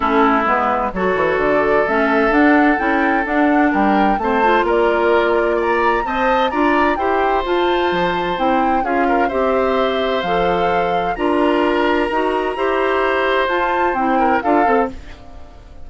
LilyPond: <<
  \new Staff \with { instrumentName = "flute" } { \time 4/4 \tempo 4 = 129 a'4 b'4 cis''4 d''4 | e''4 fis''4 g''4 fis''4 | g''4 a''4 d''2 | ais''4 a''4 ais''4 g''4 |
a''2 g''4 f''4 | e''2 f''2 | ais''1~ | ais''4 a''4 g''4 f''4 | }
  \new Staff \with { instrumentName = "oboe" } { \time 4/4 e'2 a'2~ | a'1 | ais'4 c''4 ais'2 | d''4 dis''4 d''4 c''4~ |
c''2. gis'8 ais'8 | c''1 | ais'2. c''4~ | c''2~ c''8 ais'8 a'4 | }
  \new Staff \with { instrumentName = "clarinet" } { \time 4/4 cis'4 b4 fis'2 | cis'4 d'4 e'4 d'4~ | d'4 c'8 f'2~ f'8~ | f'4 c''4 f'4 g'4 |
f'2 e'4 f'4 | g'2 a'2 | f'2 fis'4 g'4~ | g'4 f'4 e'4 f'8 a'8 | }
  \new Staff \with { instrumentName = "bassoon" } { \time 4/4 a4 gis4 fis8 e8 d4 | a4 d'4 cis'4 d'4 | g4 a4 ais2~ | ais4 c'4 d'4 e'4 |
f'4 f4 c'4 cis'4 | c'2 f2 | d'2 dis'4 e'4~ | e'4 f'4 c'4 d'8 c'8 | }
>>